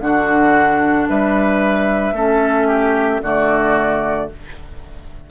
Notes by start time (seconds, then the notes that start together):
0.00 D3 D4 F#4 F#5
1.09 G3 B4 E5
2.12 A3 C#4 A4
2.67 G4
3.22 D3 A3 F#4 D5